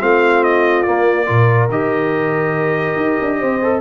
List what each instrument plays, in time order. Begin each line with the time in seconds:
0.00 tuba A3, trombone C4, horn F4, trumpet F5
0.44 trumpet D#5
0.83 trombone A#3, tuba A#3, trumpet D5
1.26 tuba A#2, trombone F4, horn A#4
1.70 tuba D#3, trombone G4, trumpet D#5
2.96 tuba D#4
3.22 tuba D4
3.39 tuba C4, horn C5
3.62 trombone A4